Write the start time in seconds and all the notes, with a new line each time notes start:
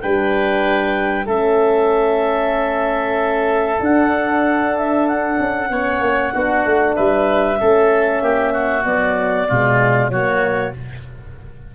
0.00 G3 D4 B4 G5
1.26 A3 C#4 A4 E5
3.78 D4 F#5
4.77 E5
5.07 F#5
5.39 C#4
5.69 B3 C#4 C#5
6.00 A#3
6.32 B3 D4 F#4
6.65 A3
6.95 G3 B4 E5
7.56 A3 C#4 A4
8.21 A#3 G4
8.52 F#4
8.85 F#3 B3 D5
9.48 B2 G#3 F4
10.09 F#3 A#3 F#4 C#5